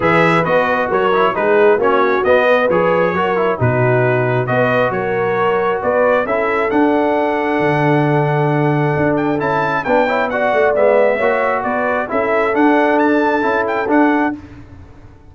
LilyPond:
<<
  \new Staff \with { instrumentName = "trumpet" } { \time 4/4 \tempo 4 = 134 e''4 dis''4 cis''4 b'4 | cis''4 dis''4 cis''2 | b'2 dis''4 cis''4~ | cis''4 d''4 e''4 fis''4~ |
fis''1~ | fis''8 g''8 a''4 g''4 fis''4 | e''2 d''4 e''4 | fis''4 a''4. g''8 fis''4 | }
  \new Staff \with { instrumentName = "horn" } { \time 4/4 b'2 ais'4 gis'4 | fis'4. b'4. ais'4 | fis'2 b'4 ais'4~ | ais'4 b'4 a'2~ |
a'1~ | a'2 b'8 cis''8 d''4~ | d''4 cis''4 b'4 a'4~ | a'1 | }
  \new Staff \with { instrumentName = "trombone" } { \time 4/4 gis'4 fis'4. e'8 dis'4 | cis'4 b4 gis'4 fis'8 e'8 | dis'2 fis'2~ | fis'2 e'4 d'4~ |
d'1~ | d'4 e'4 d'8 e'8 fis'4 | b4 fis'2 e'4 | d'2 e'4 d'4 | }
  \new Staff \with { instrumentName = "tuba" } { \time 4/4 e4 b4 fis4 gis4 | ais4 b4 f4 fis4 | b,2 b4 fis4~ | fis4 b4 cis'4 d'4~ |
d'4 d2. | d'4 cis'4 b4. a8 | gis4 ais4 b4 cis'4 | d'2 cis'4 d'4 | }
>>